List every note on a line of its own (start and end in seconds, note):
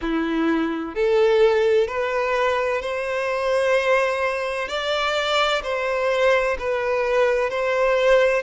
0.01 0.95 E4
0.95 1.87 A4
1.87 2.81 B4
2.81 4.68 C5
4.68 5.62 D5
5.63 6.57 C5
6.58 7.50 B4
7.50 8.42 C5